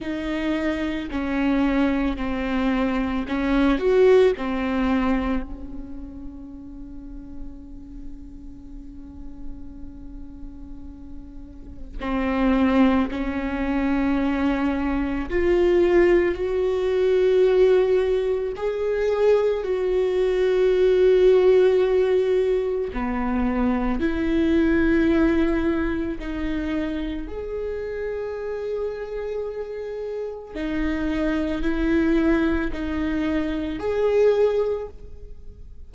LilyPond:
\new Staff \with { instrumentName = "viola" } { \time 4/4 \tempo 4 = 55 dis'4 cis'4 c'4 cis'8 fis'8 | c'4 cis'2.~ | cis'2. c'4 | cis'2 f'4 fis'4~ |
fis'4 gis'4 fis'2~ | fis'4 b4 e'2 | dis'4 gis'2. | dis'4 e'4 dis'4 gis'4 | }